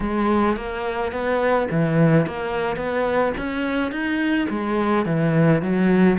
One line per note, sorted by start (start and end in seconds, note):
0.00 0.56 G#3
0.56 1.12 A#3
1.12 1.68 B3
1.70 2.26 E3
2.26 2.76 A#3
2.76 3.32 B3
3.37 3.91 C#4
3.91 4.47 D#4
4.49 5.05 G#3
5.05 5.62 E3
5.62 6.18 F#3